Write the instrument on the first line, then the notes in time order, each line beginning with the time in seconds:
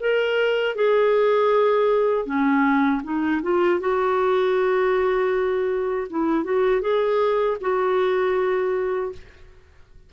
clarinet
0.00 A#4
0.75 G#4
2.25 C#4
3.03 D#4
3.42 F4
3.80 F#4
6.10 E4
6.44 F#4
6.81 G#4
7.61 F#4